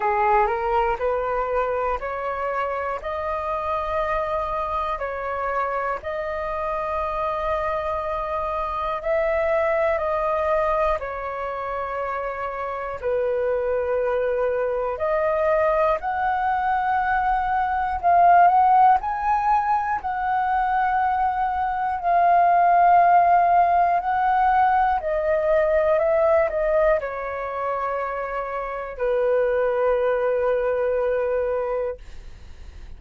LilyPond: \new Staff \with { instrumentName = "flute" } { \time 4/4 \tempo 4 = 60 gis'8 ais'8 b'4 cis''4 dis''4~ | dis''4 cis''4 dis''2~ | dis''4 e''4 dis''4 cis''4~ | cis''4 b'2 dis''4 |
fis''2 f''8 fis''8 gis''4 | fis''2 f''2 | fis''4 dis''4 e''8 dis''8 cis''4~ | cis''4 b'2. | }